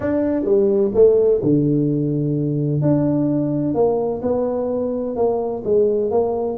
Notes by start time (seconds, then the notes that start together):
0.00 D4
0.44 G3
0.94 A3
1.42 D3
2.81 D4
3.74 A#3
4.22 B3
5.16 A#3
5.64 G#3
6.11 A#3